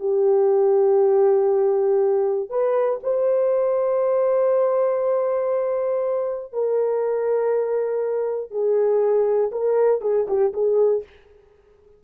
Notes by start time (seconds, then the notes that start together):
0.00 G4
2.50 B4
3.03 C5
6.53 A#4
8.51 G#4
9.52 A#4
10.02 G#4
10.28 G4
10.53 G#4